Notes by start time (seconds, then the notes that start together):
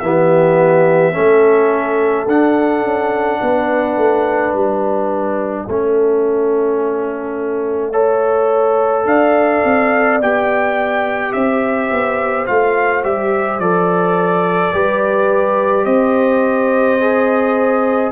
0.00 E3 B3 G4 E5
1.13 A3 C#4 A4
2.27 D4 F#5
2.83 C#4
3.41 B3 B4
3.97 A3
4.54 G3 E5
5.66 A3 C#4 A4
7.92 A4 C#5
9.05 D4 D5 F5
9.64 C4
10.20 B3 G4 G5
11.33 C4 C5 E5
11.92 B3
12.46 A3 F4 F5
13.04 G3 G4 E5
13.59 F3 A4 D5
14.73 G3 G4 B4
15.85 C4 C5 D#5
17.00 G#4